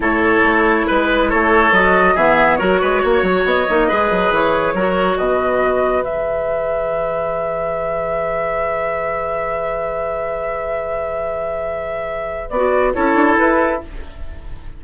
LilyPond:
<<
  \new Staff \with { instrumentName = "flute" } { \time 4/4 \tempo 4 = 139 cis''2 b'4 cis''4 | dis''4 e''4 cis''2 | dis''2 cis''2 | dis''2 e''2~ |
e''1~ | e''1~ | e''1~ | e''4 d''4 cis''4 b'4 | }
  \new Staff \with { instrumentName = "oboe" } { \time 4/4 a'2 b'4 a'4~ | a'4 gis'4 ais'8 b'8 cis''4~ | cis''4 b'2 ais'4 | b'1~ |
b'1~ | b'1~ | b'1~ | b'2 a'2 | }
  \new Staff \with { instrumentName = "clarinet" } { \time 4/4 e'1 | fis'4 b4 fis'2~ | fis'8 dis'8 gis'2 fis'4~ | fis'2 gis'2~ |
gis'1~ | gis'1~ | gis'1~ | gis'4 fis'4 e'2 | }
  \new Staff \with { instrumentName = "bassoon" } { \time 4/4 a,4 a4 gis4 a4 | fis4 e4 fis8 gis8 ais8 fis8 | b8 ais8 gis8 fis8 e4 fis4 | b,2 e2~ |
e1~ | e1~ | e1~ | e4 b4 cis'8 d'8 e'4 | }
>>